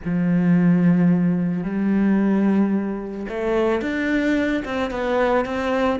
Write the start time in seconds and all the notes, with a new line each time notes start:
0.04 F3
1.63 G3
3.28 A3
3.81 D4
4.64 C4
4.90 B3
5.45 C4